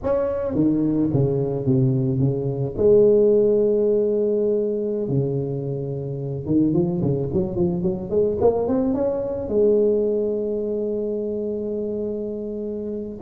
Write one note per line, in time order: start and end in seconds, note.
0.03 0.54 C#4
0.54 1.09 D#3
1.13 1.66 C#3
1.66 2.19 C3
2.19 2.74 C#3
2.77 5.08 G#3
5.08 6.46 C#3
6.46 6.73 D#3
6.73 7.01 F3
7.01 7.29 C#3
7.33 7.56 F#3
7.56 7.82 F3
7.82 8.09 F#3
8.10 8.37 G#3
8.40 8.67 A#3
8.67 8.94 C4
8.94 9.48 C#4
9.48 13.20 G#3